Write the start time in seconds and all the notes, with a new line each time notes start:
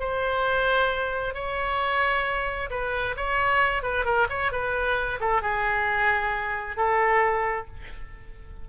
0.00 C5
1.34 C#5
2.70 B4
3.17 C#5
3.83 B4
4.05 A#4
4.29 C#5
4.52 B4
5.20 A4
5.42 G#4
6.77 A4